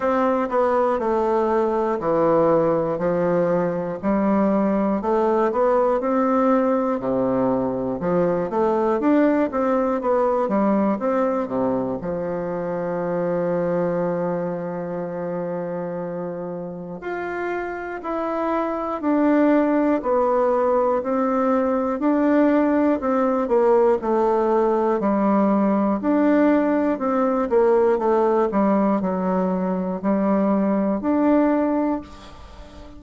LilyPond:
\new Staff \with { instrumentName = "bassoon" } { \time 4/4 \tempo 4 = 60 c'8 b8 a4 e4 f4 | g4 a8 b8 c'4 c4 | f8 a8 d'8 c'8 b8 g8 c'8 c8 | f1~ |
f4 f'4 e'4 d'4 | b4 c'4 d'4 c'8 ais8 | a4 g4 d'4 c'8 ais8 | a8 g8 fis4 g4 d'4 | }